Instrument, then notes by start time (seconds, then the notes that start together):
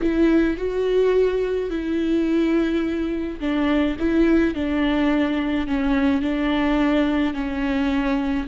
viola
0.01 E4
0.57 F#4
1.70 E4
3.40 D4
3.99 E4
4.54 D4
5.67 C#4
6.21 D4
7.34 C#4